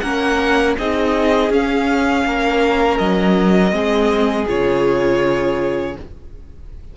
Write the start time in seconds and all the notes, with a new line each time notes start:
0.00 A#3 C#4 A#4 F#5
0.78 C4 D#4 G#4 D#5
1.50 C#4 F5
2.26 A#3 A#4
2.98 F#3 D#5
3.72 G#3 C4 G#4
4.47 C#3 F4 C#5